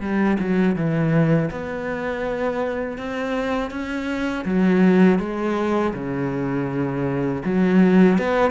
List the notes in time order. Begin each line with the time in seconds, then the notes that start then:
0.00 G3
0.39 F#3
0.75 E3
1.50 B3
2.97 C4
3.70 C#4
4.44 F#3
5.19 G#3
5.94 C#3
7.44 F#3
8.18 B3